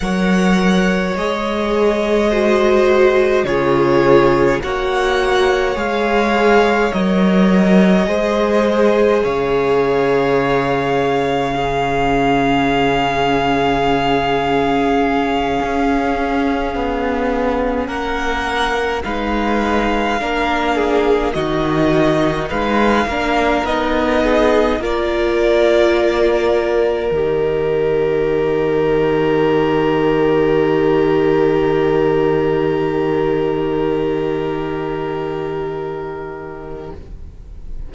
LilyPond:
<<
  \new Staff \with { instrumentName = "violin" } { \time 4/4 \tempo 4 = 52 fis''4 dis''2 cis''4 | fis''4 f''4 dis''2 | f''1~ | f''2.~ f''8 fis''8~ |
fis''8 f''2 dis''4 f''8~ | f''8 dis''4 d''2 dis''8~ | dis''1~ | dis''1 | }
  \new Staff \with { instrumentName = "violin" } { \time 4/4 cis''2 c''4 gis'4 | cis''2. c''4 | cis''2 gis'2~ | gis'2.~ gis'8 ais'8~ |
ais'8 b'4 ais'8 gis'8 fis'4 b'8 | ais'4 gis'8 ais'2~ ais'8~ | ais'1~ | ais'1 | }
  \new Staff \with { instrumentName = "viola" } { \time 4/4 ais'4 gis'4 fis'4 f'4 | fis'4 gis'4 ais'4 gis'4~ | gis'2 cis'2~ | cis'1~ |
cis'8 dis'4 d'4 dis'4. | d'8 dis'4 f'2 g'8~ | g'1~ | g'1 | }
  \new Staff \with { instrumentName = "cello" } { \time 4/4 fis4 gis2 cis4 | ais4 gis4 fis4 gis4 | cis1~ | cis4. cis'4 b4 ais8~ |
ais8 gis4 ais4 dis4 gis8 | ais8 b4 ais2 dis8~ | dis1~ | dis1 | }
>>